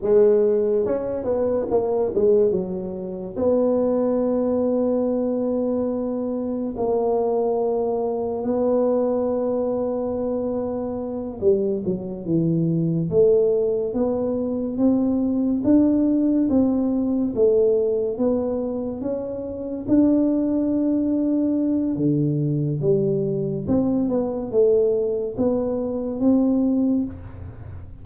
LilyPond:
\new Staff \with { instrumentName = "tuba" } { \time 4/4 \tempo 4 = 71 gis4 cis'8 b8 ais8 gis8 fis4 | b1 | ais2 b2~ | b4. g8 fis8 e4 a8~ |
a8 b4 c'4 d'4 c'8~ | c'8 a4 b4 cis'4 d'8~ | d'2 d4 g4 | c'8 b8 a4 b4 c'4 | }